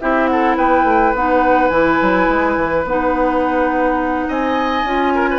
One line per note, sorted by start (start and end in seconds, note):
0.00 0.58 C4
0.00 1.15 E4
0.00 0.30 G4
0.00 0.27 E5
0.27 0.57 A4
0.27 0.55 F#5
0.57 0.84 B3
0.57 4.28 B4
0.57 1.15 G5
0.84 1.13 A3
1.14 1.70 B3
1.14 1.71 D#4
1.14 1.68 F#5
1.68 1.98 E3
1.68 2.86 E4
1.68 2.83 G#5
2.02 2.29 F#3
2.29 2.57 G#3
2.57 2.85 E3
2.85 4.27 B3
2.85 4.86 D#4
2.85 4.30 F#5
4.28 4.84 C4
4.28 5.14 D#5
4.28 5.39 G#5
4.84 5.39 C#4
4.84 5.39 F4
5.15 5.29 A#4
5.31 5.39 B4